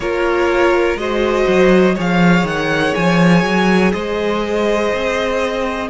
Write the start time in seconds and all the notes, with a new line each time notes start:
0.00 A#3 F4 A#4 C#5
0.96 G#3 F#4 C5 D#5
1.47 F#3
1.95 F3 G#4 C#5 F5
2.43 D#3 F#5
2.94 F3 G#5
3.43 F#3
3.92 G#3 C5 D#5
4.93 C4